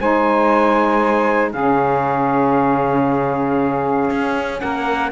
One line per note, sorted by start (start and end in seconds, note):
0.00 1.54 G#3
0.00 1.55 D#4
0.00 1.52 C5
0.00 1.52 G#5
1.52 4.10 C#3
1.52 5.12 C#4
1.52 4.60 G#4
1.52 4.60 F5
4.10 4.62 C#4
4.60 5.12 A#3
4.60 5.12 A#4
4.60 5.11 F#5